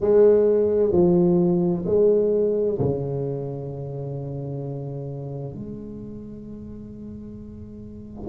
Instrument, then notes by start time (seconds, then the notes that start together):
tuba
0.00 G#3
0.91 F3
1.85 G#3
2.78 C#3
5.54 G#3